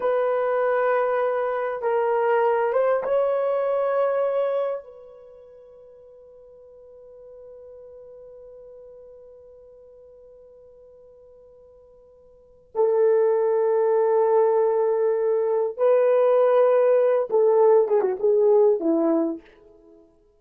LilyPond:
\new Staff \with { instrumentName = "horn" } { \time 4/4 \tempo 4 = 99 b'2. ais'4~ | ais'8 c''8 cis''2. | b'1~ | b'1~ |
b'1~ | b'4 a'2.~ | a'2 b'2~ | b'8 a'4 gis'16 fis'16 gis'4 e'4 | }